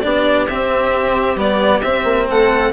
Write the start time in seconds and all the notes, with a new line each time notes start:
0.00 B3 D4 G4 D5
0.47 C4 E5
1.35 G3 B3 D5
1.81 C4 E5
2.04 A#3
2.29 A3 A4 F#5